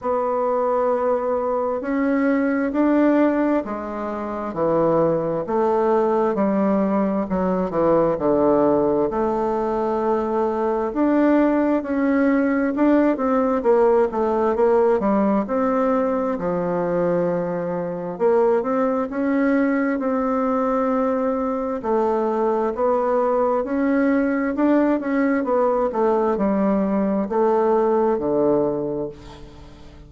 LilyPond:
\new Staff \with { instrumentName = "bassoon" } { \time 4/4 \tempo 4 = 66 b2 cis'4 d'4 | gis4 e4 a4 g4 | fis8 e8 d4 a2 | d'4 cis'4 d'8 c'8 ais8 a8 |
ais8 g8 c'4 f2 | ais8 c'8 cis'4 c'2 | a4 b4 cis'4 d'8 cis'8 | b8 a8 g4 a4 d4 | }